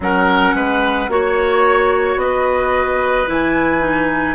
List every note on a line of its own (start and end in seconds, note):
0.00 0.53 F#3
0.00 1.09 C#4
0.00 0.55 A#4
0.00 1.10 F#5
0.53 1.08 G#3
0.53 1.10 B4
1.08 2.15 A#3
1.08 3.27 F#4
1.08 2.19 C#5
1.08 2.21 C#5
2.15 3.25 B3
2.15 3.28 D#5
2.22 4.35 B4
3.27 4.35 E3
3.27 3.80 E4
3.27 4.35 G#5
3.80 4.35 D#4